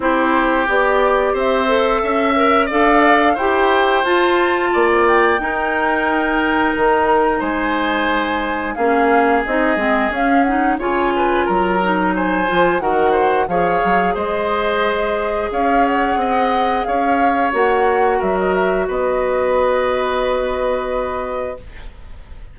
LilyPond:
<<
  \new Staff \with { instrumentName = "flute" } { \time 4/4 \tempo 4 = 89 c''4 d''4 e''2 | f''4 g''4 a''4~ a''16 c'16 g''8~ | g''2 ais''4 gis''4~ | gis''4 f''4 dis''4 f''8 fis''8 |
gis''4 ais''4 gis''4 fis''4 | f''4 dis''2 f''8 fis''8~ | fis''4 f''4 fis''4 e''16 dis''16 e''8 | dis''1 | }
  \new Staff \with { instrumentName = "oboe" } { \time 4/4 g'2 c''4 e''4 | d''4 c''2 d''4 | ais'2. c''4~ | c''4 gis'2. |
cis''8 b'8 ais'4 c''4 ais'8 c''8 | cis''4 c''2 cis''4 | dis''4 cis''2 ais'4 | b'1 | }
  \new Staff \with { instrumentName = "clarinet" } { \time 4/4 e'4 g'4. a'4 ais'8 | a'4 g'4 f'2 | dis'1~ | dis'4 cis'4 dis'8 c'8 cis'8 dis'8 |
f'4. dis'4 f'8 fis'4 | gis'1~ | gis'2 fis'2~ | fis'1 | }
  \new Staff \with { instrumentName = "bassoon" } { \time 4/4 c'4 b4 c'4 cis'4 | d'4 e'4 f'4 ais4 | dis'2 dis4 gis4~ | gis4 ais4 c'8 gis8 cis'4 |
cis4 fis4. f8 dis4 | f8 fis8 gis2 cis'4 | c'4 cis'4 ais4 fis4 | b1 | }
>>